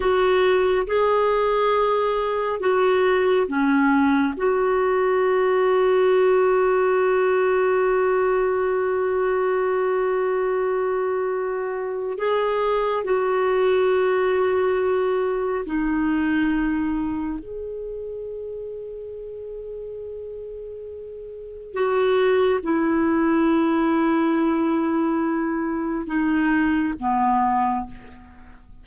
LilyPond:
\new Staff \with { instrumentName = "clarinet" } { \time 4/4 \tempo 4 = 69 fis'4 gis'2 fis'4 | cis'4 fis'2.~ | fis'1~ | fis'2 gis'4 fis'4~ |
fis'2 dis'2 | gis'1~ | gis'4 fis'4 e'2~ | e'2 dis'4 b4 | }